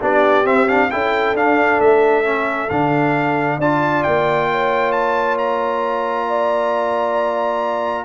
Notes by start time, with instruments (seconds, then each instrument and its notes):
0.00 tuba B3, trombone D4, horn G4, trumpet D5
0.45 tuba C4, trombone C4, trumpet E5
0.68 trombone D4, trumpet F5
0.91 tuba C#4, trombone E4, horn A4, trumpet G5
1.34 tuba D4, trombone D4, trumpet F5
1.80 tuba A3, trumpet E5
2.24 trombone C#4
2.70 tuba D3, trombone D4, trumpet F5
3.58 tuba D4, trombone F4, horn D5, trumpet A5
4.04 tuba A#3, trumpet G5
4.51 horn C#5
4.92 trumpet A5
5.38 trumpet A#5
6.28 horn D5